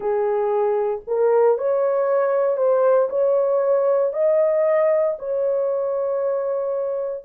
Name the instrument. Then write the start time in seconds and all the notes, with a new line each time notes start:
horn
0.00 G#4
1.07 A#4
1.58 C#5
2.57 C5
3.09 C#5
4.13 D#5
5.19 C#5